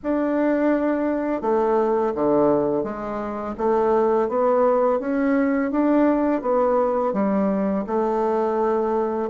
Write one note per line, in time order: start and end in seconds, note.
0.03 1.41 D4
1.41 2.13 A3
2.14 2.83 D3
2.83 3.55 G#3
3.57 4.29 A3
4.29 4.99 B3
4.99 5.71 C#4
5.71 6.41 D4
6.41 7.13 B3
7.13 7.84 G3
7.86 9.29 A3